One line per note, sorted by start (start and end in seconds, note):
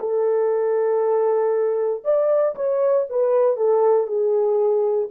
0.00 2.03 A4
2.05 2.56 D5
2.56 3.06 C#5
3.10 3.57 B4
3.57 4.07 A4
4.07 5.09 G#4